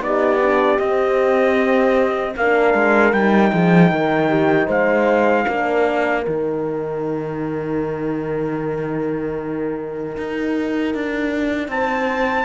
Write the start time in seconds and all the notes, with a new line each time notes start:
0.00 B3 D#4 G4 D5
0.42 D4
0.79 C4 D#5
2.36 A#3 D4 A#4 F5
2.74 G#3
3.13 G3 D#4 G5
3.52 F3 G#4
3.91 D#3 A#4
4.29 G4
4.66 G#3 C5 F5
5.47 A#3 D4 A#4
6.25 D#3 D#4 G5
10.17 D#4
10.94 D4
11.68 C4 C5 A5